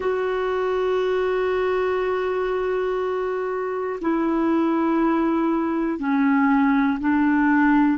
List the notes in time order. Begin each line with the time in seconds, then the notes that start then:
0.00 F#4
4.00 E4
5.98 C#4
7.00 D4